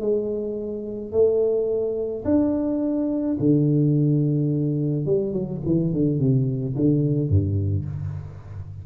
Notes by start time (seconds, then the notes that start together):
0.00 G#3
1.12 A3
2.25 D4
3.39 D3
5.05 G3
5.33 F#3
5.65 E3
5.93 D3
6.19 C3
6.76 D3
7.29 G2